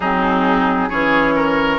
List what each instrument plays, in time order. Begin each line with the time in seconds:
0.00 bassoon F#3, clarinet C4, oboe D#4, flute G#4
0.89 bassoon E3, clarinet C#4, oboe G#4, flute C#5
1.35 oboe A#4